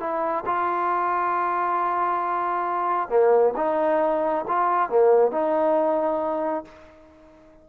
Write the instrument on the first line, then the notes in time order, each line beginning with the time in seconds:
trombone
0.00 E4
0.46 F4
3.09 A#3
3.56 D#4
4.48 F4
4.90 A#3
5.31 D#4